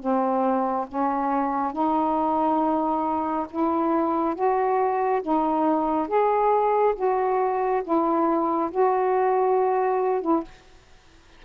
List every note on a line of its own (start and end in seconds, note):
0.00 0.87 C4
0.89 1.73 C#4
1.73 3.47 D#4
3.51 4.35 E4
4.35 5.22 F#4
5.23 6.08 D#4
6.08 6.95 G#4
6.96 7.83 F#4
7.84 8.71 E4
8.71 10.22 F#4
10.22 10.43 E4